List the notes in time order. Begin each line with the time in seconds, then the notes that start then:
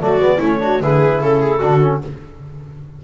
0.00 F#3 A3 F#4 D5
0.18 G#3 B3
0.37 A3 C#4 E4 C#5
0.59 D4 F#4
0.80 D3 E4 G#4 B4
1.21 C#3 A4
1.40 G#4
1.59 D3 D4 F#4
1.81 C#4